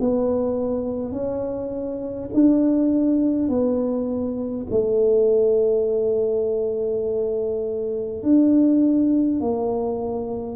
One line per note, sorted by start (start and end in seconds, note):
0.00 1.12 B3
1.12 2.29 C#4
2.33 3.49 D4
3.49 4.66 B3
4.71 8.23 A3
8.23 9.40 D4
9.40 10.56 A#3